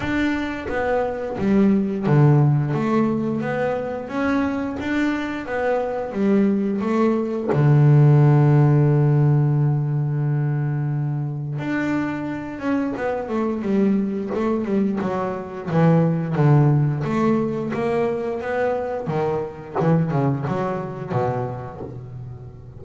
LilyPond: \new Staff \with { instrumentName = "double bass" } { \time 4/4 \tempo 4 = 88 d'4 b4 g4 d4 | a4 b4 cis'4 d'4 | b4 g4 a4 d4~ | d1~ |
d4 d'4. cis'8 b8 a8 | g4 a8 g8 fis4 e4 | d4 a4 ais4 b4 | dis4 e8 cis8 fis4 b,4 | }